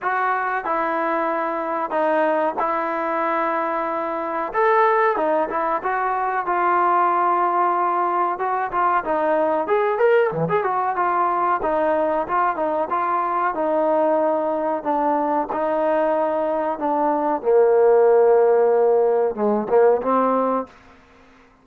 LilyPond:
\new Staff \with { instrumentName = "trombone" } { \time 4/4 \tempo 4 = 93 fis'4 e'2 dis'4 | e'2. a'4 | dis'8 e'8 fis'4 f'2~ | f'4 fis'8 f'8 dis'4 gis'8 ais'8 |
e16 gis'16 fis'8 f'4 dis'4 f'8 dis'8 | f'4 dis'2 d'4 | dis'2 d'4 ais4~ | ais2 gis8 ais8 c'4 | }